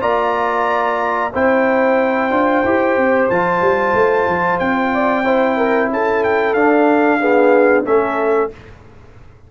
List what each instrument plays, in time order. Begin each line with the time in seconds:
0.00 tuba A#3, trombone F4, horn D5, trumpet A#5
1.33 tuba C4, trombone E4, horn C5, trumpet G5
2.30 tuba D4, trombone F4
2.64 tuba E4, trombone G4
2.96 tuba C4
3.29 tuba F3, trombone F4, trumpet A5
3.61 tuba G3
3.93 tuba A3
4.26 tuba F3
4.58 tuba C4, trumpet G5
4.93 horn D5
5.24 trombone E4, horn C5
5.57 horn A#4
5.90 tuba C#4, horn A4, trumpet A5
6.23 trumpet G5
6.53 tuba D4, trombone D4, trumpet F5
7.20 trombone B3, horn G#4
7.84 tuba A3, trombone C#4, horn A4, trumpet E5